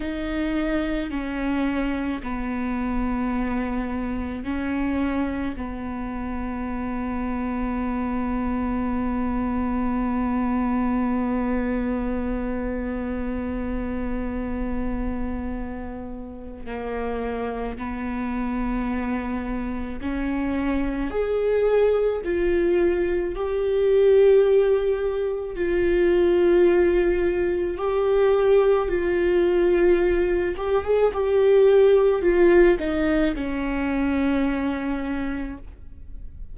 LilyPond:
\new Staff \with { instrumentName = "viola" } { \time 4/4 \tempo 4 = 54 dis'4 cis'4 b2 | cis'4 b2.~ | b1~ | b2. ais4 |
b2 cis'4 gis'4 | f'4 g'2 f'4~ | f'4 g'4 f'4. g'16 gis'16 | g'4 f'8 dis'8 cis'2 | }